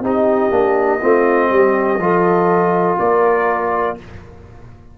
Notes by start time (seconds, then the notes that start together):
0.00 C4 D#4 G4 D#5
0.51 A#3 D4
1.01 A3 C4 F4
1.50 G3 G4
1.98 F3 F4 A4
2.99 A#3 A#4 D5